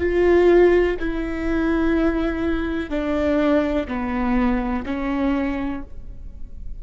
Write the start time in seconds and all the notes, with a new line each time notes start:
0.00 F4
1.00 E4
2.90 D4
3.88 B3
4.86 C#4